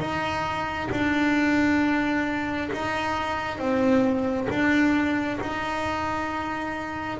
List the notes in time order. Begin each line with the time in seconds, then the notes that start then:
0.00 D#4
0.92 D4
2.73 D#4
3.59 C4
4.50 D4
5.41 D#4